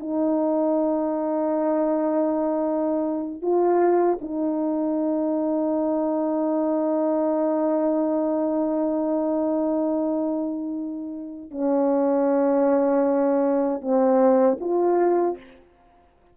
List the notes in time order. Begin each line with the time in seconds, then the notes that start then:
0.00 D#4
3.42 F4
4.21 D#4
11.51 C#4
13.81 C4
14.60 F4